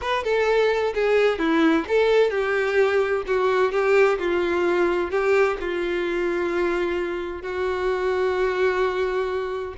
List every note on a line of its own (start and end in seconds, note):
0.01 0.23 B4
0.23 0.93 A4
0.94 1.38 G#4
1.38 1.85 E4
1.88 2.30 A4
2.30 3.23 G4
3.27 3.71 F#4
3.71 4.18 G4
4.19 5.10 F4
5.10 5.57 G4
5.60 7.42 F4
7.42 9.74 F#4